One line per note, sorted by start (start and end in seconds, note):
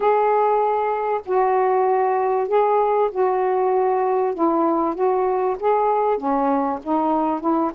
0.00 1.21 G#4
1.25 2.48 F#4
2.48 3.10 G#4
3.11 4.34 F#4
4.34 4.94 E4
4.94 5.56 F#4
5.59 6.17 G#4
6.17 6.79 C#4
6.83 7.40 D#4
7.40 7.71 E4